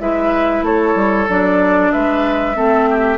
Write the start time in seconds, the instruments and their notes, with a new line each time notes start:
0.00 bassoon G#3, clarinet E4, oboe B4, flute E5
0.62 bassoon A3, oboe A4, flute C#5
0.96 bassoon G3
1.29 bassoon F#3, clarinet D4, flute D5
1.92 bassoon G#3, oboe B4, flute E5
2.55 bassoon A3, clarinet C4, oboe A4
2.91 oboe G4